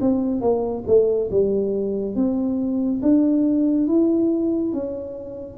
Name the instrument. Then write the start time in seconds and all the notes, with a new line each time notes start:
tuba
0.00 C4
0.41 A#3
0.86 A3
1.31 G3
2.15 C4
3.02 D4
3.87 E4
4.73 C#4